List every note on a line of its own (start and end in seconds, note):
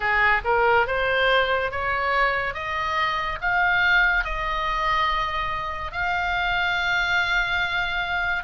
0.00 0.41 G#4
0.44 0.86 A#4
0.86 1.71 C5
1.71 2.54 C#5
2.54 3.38 D#5
3.41 4.24 F5
4.24 5.92 D#5
5.92 8.43 F5